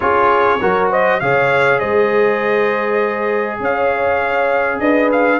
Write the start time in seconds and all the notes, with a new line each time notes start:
0.00 C#4 F4 G#4 C#5
0.60 F#3 F#4 A#4
0.89 C5 D#5
1.20 C#3 G#4 C#5 F5
1.79 G#3 C5 D#5
3.59 C#4 C#5 F5
4.79 D4 B4 D#5
5.12 F5